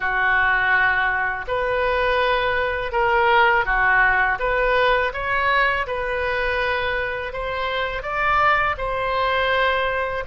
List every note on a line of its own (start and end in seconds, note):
0.00 1.45 F#4
1.47 2.91 B4
2.91 3.65 A#4
3.65 4.38 F#4
4.39 5.12 B4
5.13 5.86 C#5
5.86 7.32 B4
7.32 8.02 C5
8.02 8.75 D5
8.77 10.23 C5